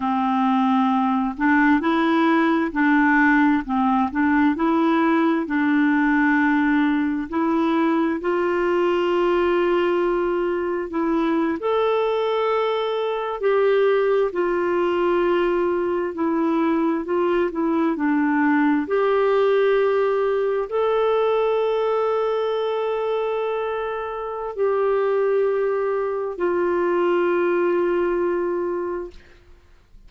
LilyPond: \new Staff \with { instrumentName = "clarinet" } { \time 4/4 \tempo 4 = 66 c'4. d'8 e'4 d'4 | c'8 d'8 e'4 d'2 | e'4 f'2. | e'8. a'2 g'4 f'16~ |
f'4.~ f'16 e'4 f'8 e'8 d'16~ | d'8. g'2 a'4~ a'16~ | a'2. g'4~ | g'4 f'2. | }